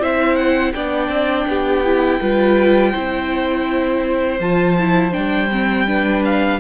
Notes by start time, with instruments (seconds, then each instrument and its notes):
0.00 cello C4, viola E4, violin C5 E5
0.36 violin F#5
0.73 cello B3, viola D4, violin D5 G5
1.09 cello C4
1.47 cello B3, violin G4
1.85 viola E4
2.21 cello G3, viola F4, violin B4
2.92 cello C4, viola E4, violin C5
4.40 cello F3, viola F4, violin A5
4.79 viola E4
5.12 cello G3, viola D4, violin G5
5.52 viola C4
5.87 viola D4, violin B4
6.25 violin F5